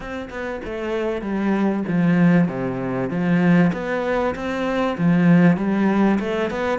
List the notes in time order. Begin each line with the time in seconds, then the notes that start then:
0.00 C4
0.30 B3
0.64 A3
1.21 G3
1.88 F3
2.47 C3
3.10 F3
3.73 B3
4.35 C4
4.97 F3
5.57 G3
6.19 A3
6.50 B3